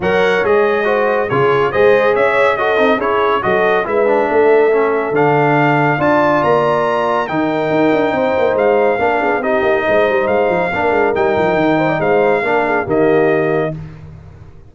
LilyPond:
<<
  \new Staff \with { instrumentName = "trumpet" } { \time 4/4 \tempo 4 = 140 fis''4 dis''2 cis''4 | dis''4 e''4 dis''4 cis''4 | dis''4 e''2. | f''2 a''4 ais''4~ |
ais''4 g''2. | f''2 dis''2 | f''2 g''2 | f''2 dis''2 | }
  \new Staff \with { instrumentName = "horn" } { \time 4/4 cis''2 c''4 gis'4 | c''4 cis''4 a'4 gis'4 | a'4 b'4 a'2~ | a'2 d''2~ |
d''4 ais'2 c''4~ | c''4 ais'8 gis'8 g'4 c''4~ | c''4 ais'2~ ais'8 c''16 d''16 | c''4 ais'8 gis'8 g'2 | }
  \new Staff \with { instrumentName = "trombone" } { \time 4/4 ais'4 gis'4 fis'4 f'4 | gis'2 fis'8 dis'8 e'4 | fis'4 e'8 d'4. cis'4 | d'2 f'2~ |
f'4 dis'2.~ | dis'4 d'4 dis'2~ | dis'4 d'4 dis'2~ | dis'4 d'4 ais2 | }
  \new Staff \with { instrumentName = "tuba" } { \time 4/4 fis4 gis2 cis4 | gis4 cis'4. c'8 cis'4 | fis4 gis4 a2 | d2 d'4 ais4~ |
ais4 dis4 dis'8 d'8 c'8 ais8 | gis4 ais8 b8 c'8 ais8 gis8 g8 | gis8 f8 ais8 gis8 g8 f8 dis4 | gis4 ais4 dis2 | }
>>